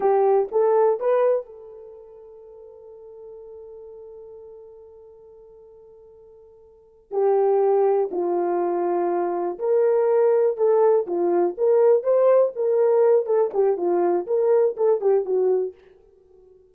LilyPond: \new Staff \with { instrumentName = "horn" } { \time 4/4 \tempo 4 = 122 g'4 a'4 b'4 a'4~ | a'1~ | a'1~ | a'2~ a'8 g'4.~ |
g'8 f'2. ais'8~ | ais'4. a'4 f'4 ais'8~ | ais'8 c''4 ais'4. a'8 g'8 | f'4 ais'4 a'8 g'8 fis'4 | }